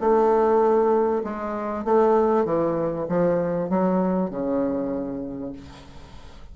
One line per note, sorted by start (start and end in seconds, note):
0.00 1.22 A3
1.24 1.84 G#3
1.84 2.45 A3
2.45 3.06 E3
3.09 3.69 F3
3.69 4.30 F#3
4.30 5.52 C#3